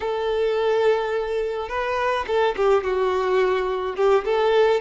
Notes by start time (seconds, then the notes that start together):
0.00 A4
1.68 B4
2.27 A4
2.56 G4
2.83 F#4
3.95 G4
4.25 A4